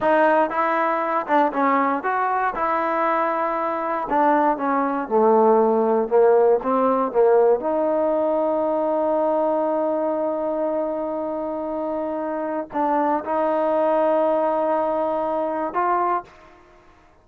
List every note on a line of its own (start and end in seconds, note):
0.00 0.50 D#4
0.50 1.26 E4
1.26 1.52 D4
1.53 2.03 C#4
2.03 2.54 F#4
2.55 4.07 E4
4.09 4.57 D4
4.57 5.08 C#4
5.08 6.08 A3
6.08 6.59 A#3
6.62 7.12 C4
7.12 7.59 A#3
7.59 12.68 D#4
12.73 13.23 D4
13.24 15.73 D#4
15.73 16.24 F4